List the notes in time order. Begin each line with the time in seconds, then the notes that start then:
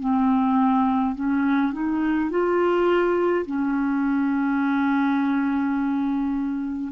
0.00 C4
1.15 C#4
1.73 D#4
2.30 F4
3.46 C#4